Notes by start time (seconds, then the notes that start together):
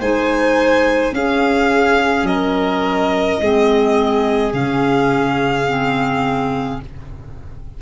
0.00 G#3 D#4 C5 G#5
1.12 C#4 G#4 F5
2.23 F#3 A#4 D#5
3.40 G#3 C4 G#4
4.52 C#3 C#4 F5
5.67 C4